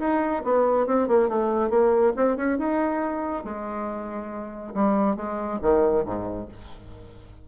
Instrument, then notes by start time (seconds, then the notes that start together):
bassoon
0.00 D#4
0.45 B3
0.87 C4
1.08 A#3
1.29 A3
1.70 A#3
2.17 C4
2.37 C#4
2.59 D#4
3.45 G#3
4.75 G3
5.17 G#3
5.62 D#3
6.06 G#2